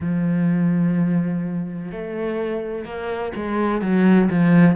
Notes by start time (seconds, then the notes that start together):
0.00 F3
1.91 A3
2.84 A#3
3.35 G#3
3.81 F#3
4.29 F3